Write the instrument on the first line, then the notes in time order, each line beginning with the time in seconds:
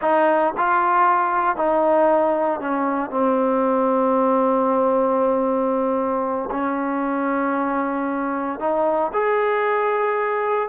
trombone
0.01 D#4
0.57 F4
1.56 D#4
2.60 C#4
3.10 C4
6.50 C#4
8.59 D#4
9.13 G#4